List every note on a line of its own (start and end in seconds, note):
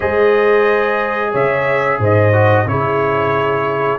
0.00 1.34 G#3
0.00 2.32 G#4
0.00 1.30 C5
0.00 1.33 D#5
1.31 1.99 C#3
1.31 1.97 C#5
1.31 2.01 E5
1.99 2.65 G#2
1.99 2.66 C5
1.99 2.68 D#5
2.32 2.66 F#4
2.65 3.98 C#3
2.65 3.98 E4
2.65 3.98 G#4
2.65 3.98 C#5